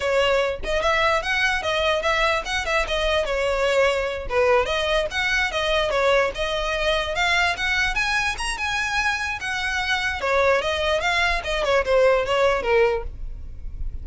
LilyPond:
\new Staff \with { instrumentName = "violin" } { \time 4/4 \tempo 4 = 147 cis''4. dis''8 e''4 fis''4 | dis''4 e''4 fis''8 e''8 dis''4 | cis''2~ cis''8 b'4 dis''8~ | dis''8 fis''4 dis''4 cis''4 dis''8~ |
dis''4. f''4 fis''4 gis''8~ | gis''8 ais''8 gis''2 fis''4~ | fis''4 cis''4 dis''4 f''4 | dis''8 cis''8 c''4 cis''4 ais'4 | }